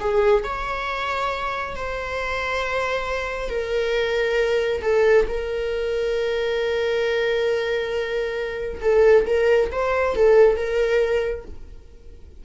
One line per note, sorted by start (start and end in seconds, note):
0.00 0.43 G#4
0.43 1.76 C#5
1.76 3.49 C5
3.49 4.81 A#4
4.82 5.26 A4
5.28 8.81 A#4
8.82 9.26 A4
9.26 9.70 A#4
9.72 10.16 C5
10.16 10.56 A4
10.56 11.45 A#4